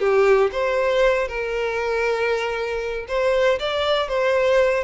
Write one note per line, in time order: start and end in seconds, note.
0.00 0.51 G4
0.52 1.28 C5
1.28 3.06 A#4
3.08 3.59 C5
3.59 4.09 D5
4.09 4.84 C5